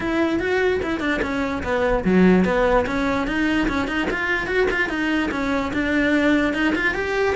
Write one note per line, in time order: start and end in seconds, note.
0.00 0.39 E4
0.39 0.80 F#4
0.83 1.00 E4
1.00 1.20 D4
1.22 1.62 C#4
1.63 2.04 B3
2.04 2.45 F#3
2.45 2.85 B3
2.86 3.27 C#4
3.27 3.68 D#4
3.68 3.87 C#4
3.87 4.08 D#4
4.10 4.46 F4
4.46 4.67 F#4
4.71 4.89 F4
4.89 5.30 D#4
5.31 5.72 C#4
5.73 6.53 D4
6.53 6.74 D#4
6.75 6.94 F4
6.94 7.35 G4